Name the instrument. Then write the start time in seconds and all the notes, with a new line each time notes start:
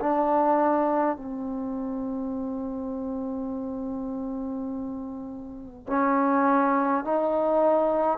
trombone
0.00 D4
1.16 C4
5.87 C#4
7.04 D#4